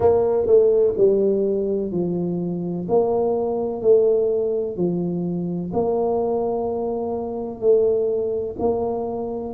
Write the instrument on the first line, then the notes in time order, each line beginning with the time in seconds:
tuba
0.00 A#3
0.46 A3
0.97 G3
1.91 F3
2.88 A#3
3.81 A3
4.76 F3
5.73 A#3
7.60 A3
8.59 A#3